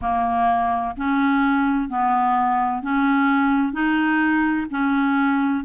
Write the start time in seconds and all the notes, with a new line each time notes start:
0.01 A#3
0.96 C#4
1.89 B3
2.82 C#4
3.72 D#4
4.70 C#4